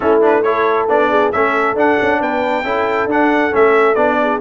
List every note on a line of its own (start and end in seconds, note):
0.00 0.88 A3
0.00 0.21 C#4
0.00 0.45 E4
0.00 0.20 A4
0.21 0.43 D4
0.21 0.42 B4
0.42 0.88 E4
0.42 1.09 A4
0.42 0.87 C#5
0.88 1.32 B3
0.88 1.32 D4
0.88 1.32 D5
1.09 1.31 G#4
1.31 1.75 A3
1.31 1.76 C#4
1.31 2.19 A4
1.31 1.76 E5
1.75 1.97 D4
1.75 2.64 D4
1.75 2.21 F#5
2.01 2.21 C#4
2.20 2.63 B3
2.20 2.64 B4
2.20 3.10 G5
2.63 3.06 C#4
2.63 3.09 E4
2.63 4.18 A4
3.06 3.50 D4
3.06 3.51 D4
3.06 3.54 F#5
3.51 3.96 A3
3.51 3.95 C#4
3.51 3.95 E5
3.95 4.40 B3
3.95 4.41 D4
3.95 4.39 D5
4.22 4.41 G#4